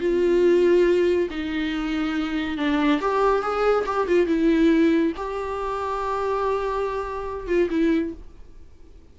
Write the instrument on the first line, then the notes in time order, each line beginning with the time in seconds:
viola
0.00 F4
1.30 D#4
2.57 D4
3.01 G4
3.42 G#4
3.86 G4
4.07 F4
4.27 E4
5.16 G4
7.47 F4
7.70 E4